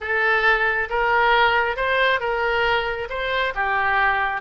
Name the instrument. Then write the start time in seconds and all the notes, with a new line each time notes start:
oboe
0.00 A4
0.89 A#4
1.76 C5
2.20 A#4
3.09 C5
3.55 G4